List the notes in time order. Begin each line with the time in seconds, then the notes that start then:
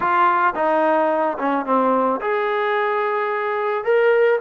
0.00 F4
0.55 D#4
1.38 C#4
1.65 C4
2.20 G#4
3.84 A#4